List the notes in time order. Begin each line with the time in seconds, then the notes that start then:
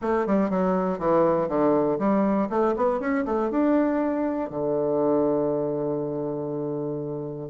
0.01 A3
0.26 G3
0.50 F#3
0.99 E3
1.48 D3
1.99 G3
2.49 A3
2.76 B3
3.00 C#4
3.25 A3
3.50 D4
4.50 D3